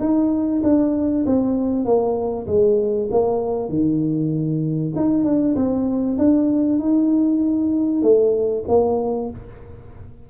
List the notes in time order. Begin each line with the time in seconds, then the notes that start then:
0.00 D#4
0.63 D4
1.26 C4
1.85 A#3
2.47 G#3
3.11 A#3
3.69 D#3
4.96 D#4
5.24 D4
5.56 C4
6.18 D4
6.79 D#4
8.02 A3
8.68 A#3